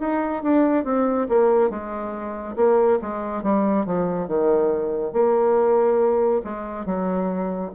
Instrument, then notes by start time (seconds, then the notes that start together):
bassoon
0.00 D#4
0.43 D4
0.85 C4
1.29 A#3
1.70 G#3
2.56 A#3
3.02 G#3
3.43 G3
3.86 F3
4.28 D#3
5.13 A#3
6.44 G#3
6.86 F#3